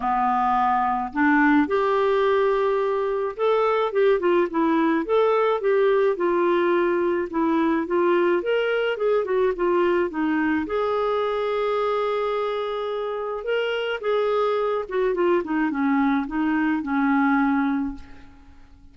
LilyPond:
\new Staff \with { instrumentName = "clarinet" } { \time 4/4 \tempo 4 = 107 b2 d'4 g'4~ | g'2 a'4 g'8 f'8 | e'4 a'4 g'4 f'4~ | f'4 e'4 f'4 ais'4 |
gis'8 fis'8 f'4 dis'4 gis'4~ | gis'1 | ais'4 gis'4. fis'8 f'8 dis'8 | cis'4 dis'4 cis'2 | }